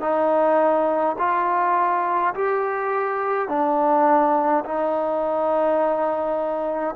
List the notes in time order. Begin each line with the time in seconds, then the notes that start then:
0.00 D#4
1.19 F4
2.34 G4
3.48 D4
4.65 D#4